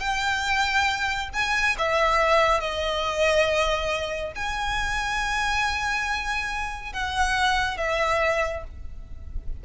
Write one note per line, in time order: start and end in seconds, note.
0.00 1.29 G5
1.33 1.77 G#5
1.79 2.60 E5
2.60 4.33 D#5
4.36 6.93 G#5
6.93 7.78 F#5
7.78 8.64 E5